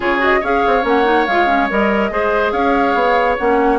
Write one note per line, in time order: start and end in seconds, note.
0.00 0.42 C#3
0.00 0.19 F4
0.00 0.39 G#4
0.00 0.22 C#5
0.19 0.40 F#4
0.19 0.43 D#5
0.40 0.63 C#4
0.40 0.82 G#4
0.40 2.10 C#5
0.40 0.86 F5
0.67 0.84 C4
0.82 1.26 A#3
0.82 1.03 C#4
0.82 1.26 F#5
1.04 1.25 D#4
1.26 1.70 G#3
1.26 1.46 F4
1.26 1.68 F5
1.46 1.67 C#4
1.69 2.10 G3
1.69 2.10 A#4
1.69 2.51 D#5
2.10 2.52 G#3
2.10 3.37 G#4
2.10 2.52 C5
2.51 2.94 C#4
2.51 3.78 C#5
2.51 3.36 F5
2.94 3.36 B3
3.37 3.78 A#3
3.37 3.78 C#4
3.37 3.78 F#5